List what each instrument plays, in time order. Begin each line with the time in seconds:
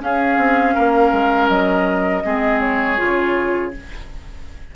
0.00 clarinet C#4, bassoon C#4, oboe G#4, flute F5
0.38 bassoon C4
0.75 bassoon A#3, oboe A#4
1.13 bassoon G#3
1.49 bassoon F#3, flute D#5
2.25 bassoon G#3, clarinet C4, oboe G#4
2.60 flute C#5
2.98 bassoon C#3, clarinet F4